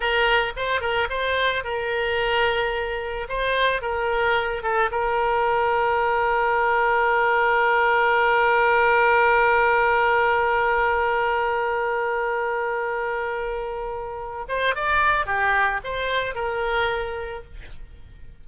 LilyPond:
\new Staff \with { instrumentName = "oboe" } { \time 4/4 \tempo 4 = 110 ais'4 c''8 ais'8 c''4 ais'4~ | ais'2 c''4 ais'4~ | ais'8 a'8 ais'2.~ | ais'1~ |
ais'1~ | ais'1~ | ais'2~ ais'8 c''8 d''4 | g'4 c''4 ais'2 | }